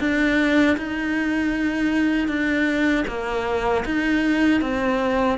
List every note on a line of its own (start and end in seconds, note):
0.00 0.77 D4
0.77 2.28 D#4
2.28 3.05 D4
3.08 3.85 A#3
3.85 4.62 D#4
4.62 5.38 C4